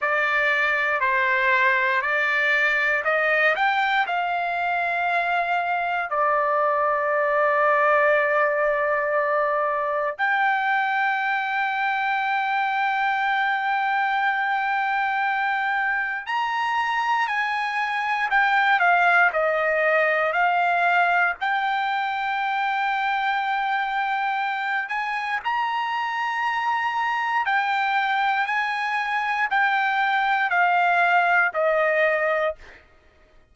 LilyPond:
\new Staff \with { instrumentName = "trumpet" } { \time 4/4 \tempo 4 = 59 d''4 c''4 d''4 dis''8 g''8 | f''2 d''2~ | d''2 g''2~ | g''1 |
ais''4 gis''4 g''8 f''8 dis''4 | f''4 g''2.~ | g''8 gis''8 ais''2 g''4 | gis''4 g''4 f''4 dis''4 | }